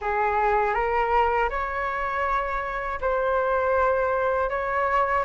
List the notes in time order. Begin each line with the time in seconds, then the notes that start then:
0.01 G#4
0.74 A#4
1.49 C#5
3.00 C5
4.49 C#5